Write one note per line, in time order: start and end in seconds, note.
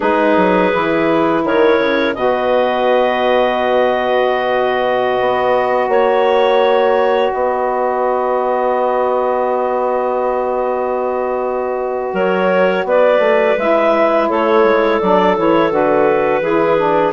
0.00 0.36 G#3
0.00 0.71 D#4
0.00 1.42 G#4
0.00 1.43 B4
0.36 0.72 F#3
0.71 1.43 E3
0.71 2.14 E4
1.43 1.78 D#3
1.43 2.16 A#4
1.43 2.14 C#5
1.78 2.14 C#3
2.14 5.18 B2
2.14 13.57 F#4
2.14 5.90 B4
2.14 5.89 D#5
5.20 5.88 B3
5.88 7.31 A#3
5.88 7.32 C#5
7.32 12.13 B3
7.32 12.12 B4
7.32 12.14 D#5
12.12 12.84 F#3
12.12 12.84 A#4
12.12 12.86 C#5
12.84 13.18 B3
12.84 14.29 B4
12.84 13.58 D5
13.18 13.54 A3
13.57 14.29 G#3
13.57 15.00 E4
13.57 14.29 E5
14.29 14.63 A3
14.29 16.42 A4
14.29 15.00 C#5
14.63 14.99 G#3
15.00 15.37 F#3
15.00 15.37 D4
15.00 15.36 D5
15.36 15.71 E3
15.36 15.69 E4
15.36 15.72 C#5
15.69 16.40 D3
15.69 16.41 F#4
15.69 17.12 B4
16.40 17.12 E3
16.40 16.77 E4
16.40 17.12 G#4
16.77 17.12 D4